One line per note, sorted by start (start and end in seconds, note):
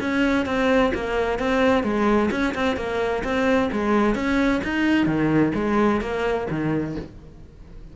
0.00 0.46 C#4
0.46 0.92 C4
0.94 1.39 A#3
1.39 1.83 C4
1.83 2.29 G#3
2.31 2.54 C#4
2.54 2.77 C4
2.77 3.23 A#3
3.23 3.70 C4
3.72 4.15 G#3
4.15 4.61 C#4
4.64 5.06 D#4
5.06 5.52 D#3
5.54 6.01 G#3
6.01 6.47 A#3
6.50 6.96 D#3